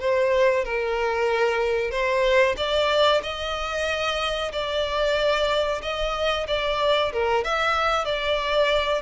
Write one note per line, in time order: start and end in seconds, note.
0.00 0.65 C5
0.65 1.91 A#4
1.91 2.55 C5
2.57 3.21 D5
3.23 4.52 D#5
4.52 5.81 D5
5.82 6.47 D#5
6.48 7.12 D5
7.13 7.44 A#4
7.44 8.05 E5
8.05 9.02 D5